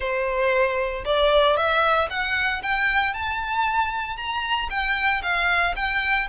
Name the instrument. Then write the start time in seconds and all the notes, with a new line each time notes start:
violin
0.00 C5
1.05 D5
1.56 E5
2.09 F#5
2.62 G5
3.13 A5
4.16 A#5
4.70 G5
5.22 F5
5.75 G5